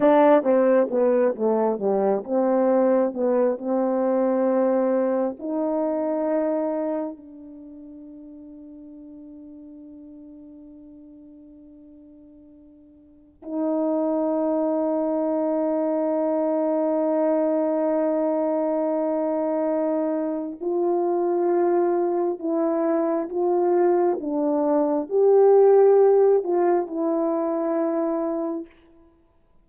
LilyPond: \new Staff \with { instrumentName = "horn" } { \time 4/4 \tempo 4 = 67 d'8 c'8 b8 a8 g8 c'4 b8 | c'2 dis'2 | d'1~ | d'2. dis'4~ |
dis'1~ | dis'2. f'4~ | f'4 e'4 f'4 d'4 | g'4. f'8 e'2 | }